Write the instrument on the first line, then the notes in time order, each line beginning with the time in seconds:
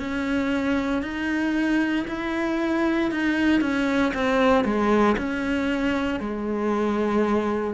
cello
0.00 C#4
1.03 D#4
2.08 E4
3.12 D#4
3.61 C#4
4.14 C4
4.65 G#3
5.18 C#4
6.20 G#3